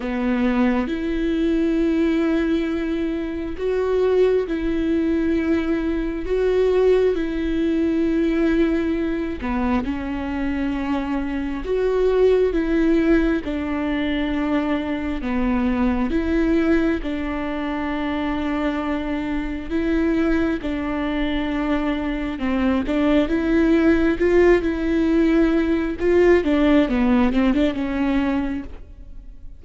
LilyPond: \new Staff \with { instrumentName = "viola" } { \time 4/4 \tempo 4 = 67 b4 e'2. | fis'4 e'2 fis'4 | e'2~ e'8 b8 cis'4~ | cis'4 fis'4 e'4 d'4~ |
d'4 b4 e'4 d'4~ | d'2 e'4 d'4~ | d'4 c'8 d'8 e'4 f'8 e'8~ | e'4 f'8 d'8 b8 c'16 d'16 cis'4 | }